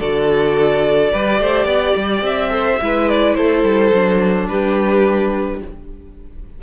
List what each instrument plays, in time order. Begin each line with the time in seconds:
0.00 cello D3, viola F#4, violin A4 D5
1.12 cello G3, viola G4, violin B4
1.39 cello A3, violin C5
1.65 cello B3, violin D5
1.96 cello G3
2.22 cello C4, violin E5
2.49 viola A4, violin C5
2.81 cello G#3, viola E4, violin B4
3.08 violin D5
3.34 cello A3, violin A4 C5
3.63 cello G3
3.93 cello F#3, viola D4
4.48 cello G3, violin G4 B4